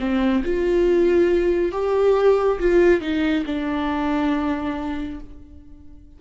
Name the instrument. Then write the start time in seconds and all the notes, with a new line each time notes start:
viola
0.00 C4
0.45 F4
1.73 G4
2.60 F4
3.01 D#4
3.46 D4